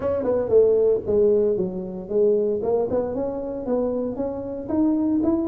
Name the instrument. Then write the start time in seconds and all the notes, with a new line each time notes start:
tuba
0.00 C#4
0.23 B3
0.48 A3
1.06 G#3
1.56 F#3
2.08 G#3
2.62 A#3
2.90 B3
3.14 C#4
3.65 B3
4.15 C#4
4.69 D#4
5.23 E4